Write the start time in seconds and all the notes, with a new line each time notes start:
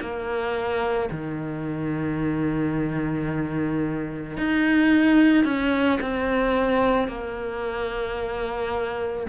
0.00 A#3
1.11 D#3
4.37 D#4
5.44 C#4
6.01 C4
7.08 A#3